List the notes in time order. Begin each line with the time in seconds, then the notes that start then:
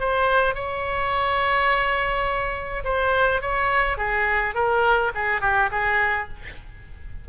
0.00 C5
0.55 C#5
2.84 C5
3.42 C#5
3.97 G#4
4.55 A#4
5.15 G#4
5.41 G4
5.71 G#4